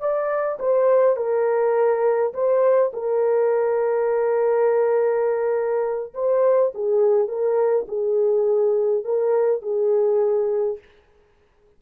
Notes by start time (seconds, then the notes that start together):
0.00 D5
0.60 C5
1.17 A#4
2.34 C5
2.94 A#4
6.14 C5
6.75 G#4
7.28 A#4
7.88 G#4
9.05 A#4
9.62 G#4